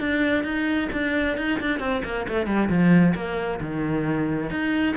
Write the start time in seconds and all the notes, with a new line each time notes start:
0.00 D4
0.44 D#4
0.92 D4
1.37 D#4
1.60 D4
1.80 C4
2.04 A#3
2.28 A3
2.46 G3
2.69 F3
3.15 A#3
3.61 D#3
4.50 D#4